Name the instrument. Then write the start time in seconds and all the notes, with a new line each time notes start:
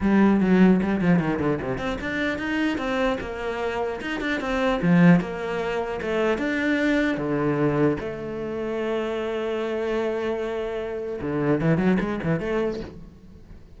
cello
0.00 G3
0.40 F#3
0.82 G3
1.01 F3
1.19 D#3
1.39 D3
1.61 C3
1.78 C4
2.00 D4
2.38 D#4
2.77 C4
3.20 A#3
4.01 D#4
4.20 D4
4.40 C4
4.82 F3
5.20 A#3
6.01 A3
6.38 D4
7.17 D3
8.00 A3
11.21 D3
11.61 E3
11.77 F#3
11.99 G#3
12.23 E3
12.39 A3